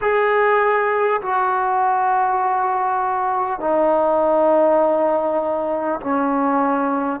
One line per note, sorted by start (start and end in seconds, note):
0.01 1.21 G#4
1.21 3.59 F#4
3.59 5.99 D#4
6.00 7.20 C#4